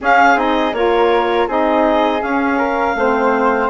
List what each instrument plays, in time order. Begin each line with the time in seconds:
0.00 saxophone C#4, bassoon C#4, flute G#4, clarinet F5
0.35 bassoon C4, saxophone D#4, clarinet D#5
0.73 bassoon A#3, saxophone F4, flute A#4, clarinet C#5
1.47 bassoon C4, saxophone D#4, flute G#4, clarinet D#5
2.19 saxophone C#4, bassoon C#4, clarinet F5
2.58 flute A#4
2.95 bassoon A3, saxophone C4, flute C5